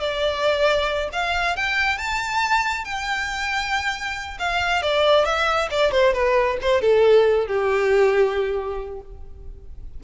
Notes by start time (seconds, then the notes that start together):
0.00 D5
1.13 F5
1.56 G5
1.98 A5
2.85 G5
4.39 F5
4.82 D5
5.25 E5
5.71 D5
5.92 C5
6.14 B4
6.62 C5
6.82 A4
7.47 G4